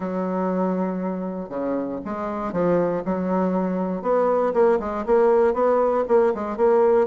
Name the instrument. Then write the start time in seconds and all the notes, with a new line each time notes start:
bassoon
0.00 F#3
1.49 C#3
2.04 G#3
2.52 F3
3.05 F#3
4.02 B3
4.53 A#3
4.79 G#3
5.06 A#3
5.53 B3
6.08 A#3
6.34 G#3
6.56 A#3